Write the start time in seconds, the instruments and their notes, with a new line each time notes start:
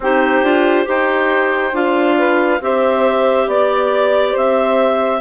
0.00 bassoon C4, clarinet D#4 C5, saxophone G4
0.41 bassoon D4, clarinet F4
0.84 bassoon D#4, clarinet G4 G5, saxophone C5
1.73 bassoon D4, clarinet F4 F5
2.17 saxophone B4
2.60 bassoon C4, clarinet G4 E5, saxophone C5
3.47 bassoon B3, saxophone D5, clarinet D5
4.31 bassoon C4, saxophone C5
4.37 clarinet E5